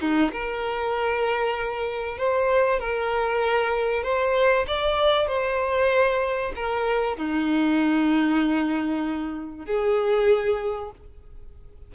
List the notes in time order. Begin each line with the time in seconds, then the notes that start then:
0.00 D#4
0.32 A#4
2.18 C5
2.80 A#4
4.03 C5
4.67 D5
5.27 C5
6.55 A#4
7.17 D#4
9.65 G#4